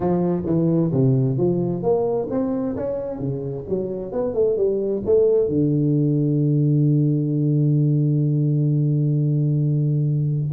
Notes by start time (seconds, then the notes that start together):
0.00 F3
0.45 E3
0.91 C3
1.37 F3
1.82 A#3
2.30 C4
2.76 C#4
3.19 C#3
3.68 F#3
4.12 B3
4.33 A3
4.57 G3
5.05 A3
5.48 D3